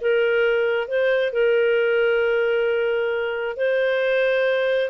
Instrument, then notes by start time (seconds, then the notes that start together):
clarinet
0.00 A#4
0.87 C5
1.32 A#4
3.56 C5